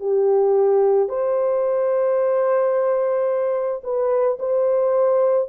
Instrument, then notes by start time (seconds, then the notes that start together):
horn
0.00 G4
1.09 C5
3.83 B4
4.39 C5